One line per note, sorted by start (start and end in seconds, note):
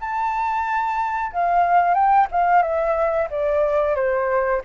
0.00 1.32 A5
1.32 1.94 F5
1.94 2.27 G5
2.31 2.62 F5
2.62 3.28 E5
3.30 3.95 D5
3.95 4.61 C5